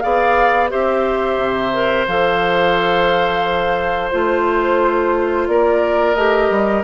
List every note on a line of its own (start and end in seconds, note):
0.00 0.72 B3
0.00 0.70 G#4
0.00 0.71 D5
0.00 0.68 F5
0.70 1.37 C4
0.70 1.72 G4
0.70 5.48 C5
0.70 2.07 E5
1.37 2.06 C3
1.73 2.07 A#4
2.07 4.12 F3
2.07 4.12 A4
2.07 4.10 F5
4.10 5.48 A3
4.10 6.16 F4
4.10 5.46 C5
5.47 6.15 A#3
5.47 6.84 A#4
5.47 6.14 D5
6.14 6.49 A3
6.14 6.84 G4
6.14 6.82 D#5
6.50 6.84 G3